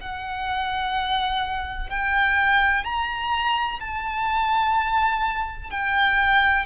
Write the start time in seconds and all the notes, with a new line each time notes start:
0.00 F#5
1.89 G5
2.84 A#5
3.80 A5
5.70 G5